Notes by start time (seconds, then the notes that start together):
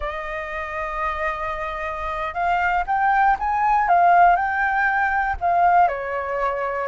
0.00 D#5
2.34 F5
2.86 G5
3.39 G#5
3.88 F5
4.35 G5
5.40 F5
5.88 C#5